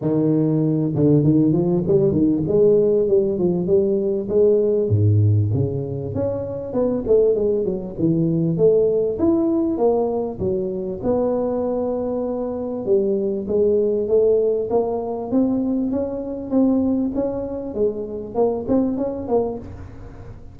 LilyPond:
\new Staff \with { instrumentName = "tuba" } { \time 4/4 \tempo 4 = 98 dis4. d8 dis8 f8 g8 dis8 | gis4 g8 f8 g4 gis4 | gis,4 cis4 cis'4 b8 a8 | gis8 fis8 e4 a4 e'4 |
ais4 fis4 b2~ | b4 g4 gis4 a4 | ais4 c'4 cis'4 c'4 | cis'4 gis4 ais8 c'8 cis'8 ais8 | }